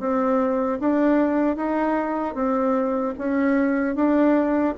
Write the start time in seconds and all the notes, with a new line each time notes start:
0.00 C4
0.80 D4
1.56 D#4
2.35 C4
3.18 C#4
3.95 D4